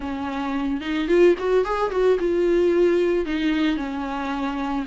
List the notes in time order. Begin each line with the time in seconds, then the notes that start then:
0.00 C#4
0.80 D#4
1.08 F4
1.38 F#4
1.65 G#4
1.91 F#4
2.19 F4
3.25 D#4
3.77 C#4